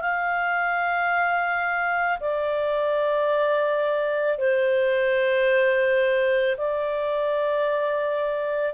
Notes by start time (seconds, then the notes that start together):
0.00 F5
2.19 D5
4.37 C5
6.57 D5